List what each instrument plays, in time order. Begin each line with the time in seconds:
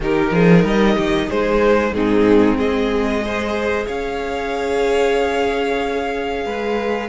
0.00 cello D#3, viola D#4, violin G4 A#4
0.31 cello F3, violin G#4
0.62 cello G3, violin A#4 D#5
0.94 cello D#3, violin G4
1.29 cello G#3, violin G#4 C5
1.92 cello G#2, viola C4, violin D#4 G#4
2.57 cello G#3, violin G#4 D#5
3.21 viola G#4, violin C5
3.86 cello C#4, violin C#5 F5
6.45 cello G#3, violin B4